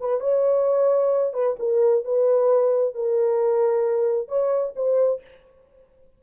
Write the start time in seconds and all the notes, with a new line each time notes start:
0.00 B4
0.20 C#5
1.33 B4
1.59 A#4
2.05 B4
2.94 A#4
4.28 C#5
4.76 C5